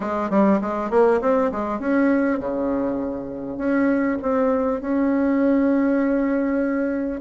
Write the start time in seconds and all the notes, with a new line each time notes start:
0.00 G#3
0.29 G3
0.61 G#3
0.90 A#3
1.21 C4
1.51 G#3
1.79 C#4
2.39 C#3
3.57 C#4
4.22 C4
4.81 C#4